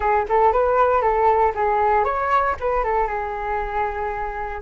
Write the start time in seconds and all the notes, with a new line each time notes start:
0.00 G#4
0.28 A4
0.52 B4
1.01 A4
1.54 G#4
2.04 C#5
2.60 B4
2.83 A4
3.07 G#4